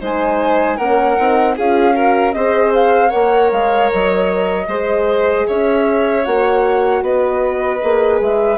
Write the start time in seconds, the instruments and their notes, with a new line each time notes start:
0.00 bassoon G#3, horn D#4, violin C5, flute G#5
0.76 bassoon A#3, horn C#4, violin A#4, flute F#5
1.17 bassoon C4, horn D#4
1.56 bassoon C#4, horn F4, violin G#4, flute F5
1.94 horn F#4, violin A#4
2.32 bassoon C4, horn G#4, violin C5, flute D#5
2.74 flute F5
3.09 bassoon A#3, horn A#4, violin C#5, flute F#5
3.51 bassoon G#3, flute F5
3.92 bassoon F#3, flute D#5
4.67 bassoon G#3, horn G#4, violin C5
5.47 bassoon C#4, violin C#5, flute E5
6.24 bassoon A#3, horn F#4, flute F#5
7.02 bassoon B3, violin B4, flute D#5
7.80 bassoon A#3, horn G#4
8.20 bassoon G#3, flute E5